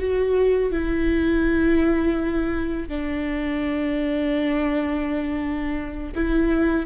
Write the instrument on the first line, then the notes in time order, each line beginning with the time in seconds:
viola
0.00 F#4
0.72 E4
2.88 D4
6.15 E4